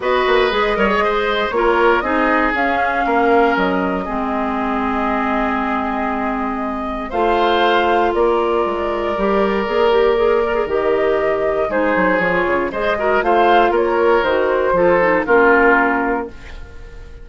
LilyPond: <<
  \new Staff \with { instrumentName = "flute" } { \time 4/4 \tempo 4 = 118 dis''2. cis''4 | dis''4 f''2 dis''4~ | dis''1~ | dis''2 f''2 |
d''1~ | d''4 dis''2 c''4 | cis''4 dis''4 f''4 cis''4 | c''2 ais'2 | }
  \new Staff \with { instrumentName = "oboe" } { \time 4/4 b'4. cis''8 c''4 ais'4 | gis'2 ais'2 | gis'1~ | gis'2 c''2 |
ais'1~ | ais'2. gis'4~ | gis'4 c''8 ais'8 c''4 ais'4~ | ais'4 a'4 f'2 | }
  \new Staff \with { instrumentName = "clarinet" } { \time 4/4 fis'4 gis'8 ais'16 gis'4~ gis'16 f'4 | dis'4 cis'2. | c'1~ | c'2 f'2~ |
f'2 g'4 gis'8 g'8 | gis'8 ais'16 gis'16 g'2 dis'4 | f'4 gis'8 fis'8 f'2 | fis'4 f'8 dis'8 cis'2 | }
  \new Staff \with { instrumentName = "bassoon" } { \time 4/4 b8 ais8 gis8 g8 gis4 ais4 | c'4 cis'4 ais4 fis4 | gis1~ | gis2 a2 |
ais4 gis4 g4 ais4~ | ais4 dis2 gis8 fis8 | f8 cis8 gis4 a4 ais4 | dis4 f4 ais2 | }
>>